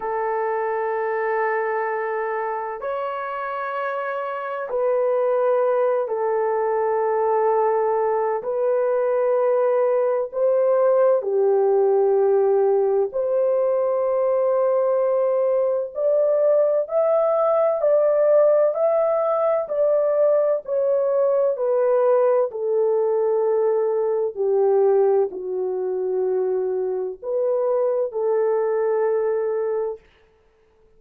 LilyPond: \new Staff \with { instrumentName = "horn" } { \time 4/4 \tempo 4 = 64 a'2. cis''4~ | cis''4 b'4. a'4.~ | a'4 b'2 c''4 | g'2 c''2~ |
c''4 d''4 e''4 d''4 | e''4 d''4 cis''4 b'4 | a'2 g'4 fis'4~ | fis'4 b'4 a'2 | }